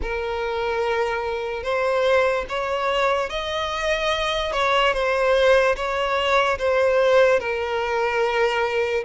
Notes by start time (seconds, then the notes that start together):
0.01 A#4
1.63 C5
2.48 C#5
3.29 D#5
4.52 C#5
4.93 C5
5.75 C#5
6.58 C5
7.39 A#4